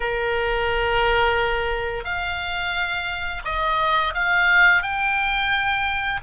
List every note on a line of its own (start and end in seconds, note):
0.00 2.04 A#4
2.04 3.42 F5
3.45 4.13 D#5
4.14 4.82 F5
4.82 6.20 G5